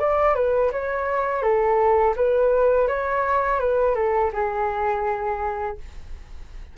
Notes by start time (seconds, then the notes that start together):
0.00 D5
0.35 B4
0.72 C#5
1.43 A4
2.17 B4
2.88 C#5
3.60 B4
3.96 A4
4.33 G#4